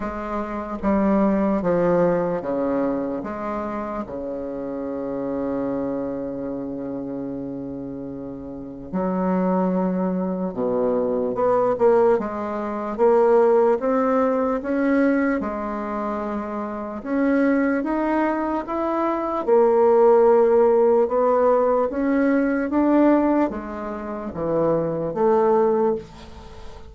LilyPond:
\new Staff \with { instrumentName = "bassoon" } { \time 4/4 \tempo 4 = 74 gis4 g4 f4 cis4 | gis4 cis2.~ | cis2. fis4~ | fis4 b,4 b8 ais8 gis4 |
ais4 c'4 cis'4 gis4~ | gis4 cis'4 dis'4 e'4 | ais2 b4 cis'4 | d'4 gis4 e4 a4 | }